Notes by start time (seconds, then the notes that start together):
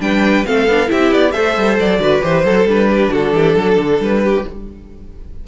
0.00 G3 D4 B4 G5
0.45 A3 C4 A4 F5
0.67 B3 D4
0.86 C4 E4 G4 E5
1.12 B3 D5
1.32 A3 A4 C5 E5
1.57 G3
1.79 F#3 D5
1.99 D3 F#4 B4
2.21 E3 G4 C5
2.44 F#3 A4
2.64 G3 D4 B4
2.89 G4
3.11 D3 F#4 A4
3.33 E3 G4
3.56 F#3 A4
3.78 D3
3.99 G3 B4
4.24 G4